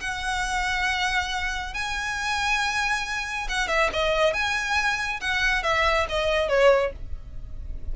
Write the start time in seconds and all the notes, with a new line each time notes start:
0.00 F#5
1.74 G#5
3.49 F#5
3.68 E5
3.92 D#5
4.33 G#5
5.20 F#5
5.63 E5
6.09 D#5
6.48 C#5